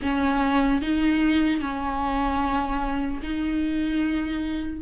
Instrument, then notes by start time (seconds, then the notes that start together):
viola
0.02 C#4
0.81 D#4
1.60 C#4
3.22 D#4